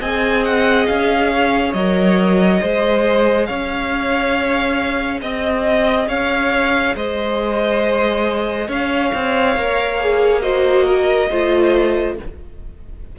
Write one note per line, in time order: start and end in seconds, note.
0.00 0.87 C4
0.00 1.75 G#4
0.00 1.30 D#5
0.00 0.44 G#5
0.44 0.86 F#5
0.86 1.74 C#4
0.86 1.73 F5
1.33 2.61 C#5
1.73 2.61 F#3
1.73 2.61 A#4
1.73 3.46 D#5
2.61 3.49 G#3
2.61 9.57 G#4
2.61 3.47 C5
3.46 5.22 C#4
3.46 5.21 C#5
3.46 5.20 F5
5.22 6.08 C4
5.22 6.08 D#5
5.22 6.09 D#5
6.08 6.95 C#4
6.08 6.95 C#5
6.08 6.95 F5
6.95 8.68 G#3
6.95 8.67 C5
6.95 8.71 D#5
8.67 9.12 C#4
8.67 10.41 C#5
8.67 10.41 F5
9.14 9.57 C4
9.57 11.30 A#3
9.57 10.00 A#4
10.00 10.42 G#4
10.41 11.29 F#4
10.41 10.85 C5
10.41 12.15 D#5
10.85 11.29 A#4
11.30 12.18 A3
11.30 12.18 F4
11.30 12.16 C5